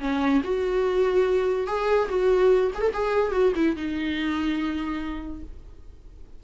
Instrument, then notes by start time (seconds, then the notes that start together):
viola
0.00 C#4
0.43 F#4
1.67 G#4
2.09 F#4
2.74 G#4
2.81 A4
2.93 G#4
3.32 F#4
3.55 E4
3.76 D#4